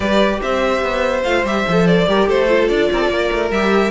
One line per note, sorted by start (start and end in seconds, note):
0.00 0.40 G3
0.00 1.24 G4
0.00 0.40 B4
0.00 0.40 D5
0.41 0.82 C4
0.41 2.07 C5
0.41 1.23 E5
0.82 1.23 B3
1.23 1.44 A3
1.23 1.45 F4
1.23 1.44 F5
1.44 1.64 G3
1.44 1.66 G4
1.44 1.87 E5
1.67 2.07 F3
1.67 2.07 A4
1.87 2.28 D5
2.07 2.28 G3
2.07 2.47 G4
2.07 2.27 A#4
2.27 2.69 A3
2.27 2.89 A4
2.27 2.68 C5
2.47 3.51 F4
2.68 2.89 D4
2.68 3.51 D5
2.92 3.09 C4
2.92 3.00 A#4
3.00 3.10 A4
3.09 3.29 A#3
3.09 3.91 A#4
3.31 3.50 A3
3.50 3.91 G3
3.50 3.91 G4
3.50 3.91 E5